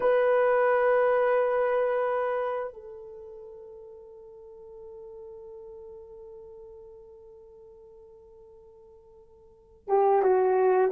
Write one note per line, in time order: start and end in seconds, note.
0.00 2.73 B4
2.73 9.88 A4
9.88 10.22 G4
10.22 10.90 F#4